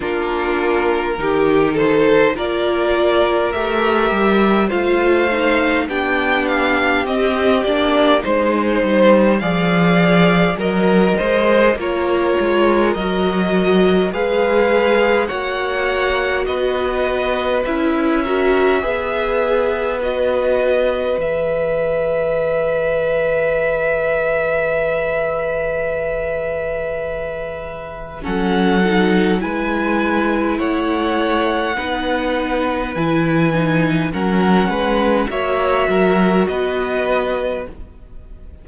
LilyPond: <<
  \new Staff \with { instrumentName = "violin" } { \time 4/4 \tempo 4 = 51 ais'4. c''8 d''4 e''4 | f''4 g''8 f''8 dis''8 d''8 c''4 | f''4 ais'8 c''8 cis''4 dis''4 | f''4 fis''4 dis''4 e''4~ |
e''4 dis''4 e''2~ | e''1 | fis''4 gis''4 fis''2 | gis''4 fis''4 e''4 dis''4 | }
  \new Staff \with { instrumentName = "violin" } { \time 4/4 f'4 g'8 a'8 ais'2 | c''4 g'2 c''4 | d''4 dis''4 ais'2 | b'4 cis''4 b'4. ais'8 |
b'1~ | b'1 | a'4 b'4 cis''4 b'4~ | b'4 ais'8 b'8 cis''8 ais'8 b'4 | }
  \new Staff \with { instrumentName = "viola" } { \time 4/4 d'4 dis'4 f'4 g'4 | f'8 dis'8 d'4 c'8 d'8 dis'4 | gis'4 ais'4 f'4 fis'4 | gis'4 fis'2 e'8 fis'8 |
gis'4 fis'4 gis'2~ | gis'1 | cis'8 dis'8 e'2 dis'4 | e'8 dis'8 cis'4 fis'2 | }
  \new Staff \with { instrumentName = "cello" } { \time 4/4 ais4 dis4 ais4 a8 g8 | a4 b4 c'8 ais8 gis8 g8 | f4 fis8 gis8 ais8 gis8 fis4 | gis4 ais4 b4 cis'4 |
b2 e2~ | e1 | fis4 gis4 a4 b4 | e4 fis8 gis8 ais8 fis8 b4 | }
>>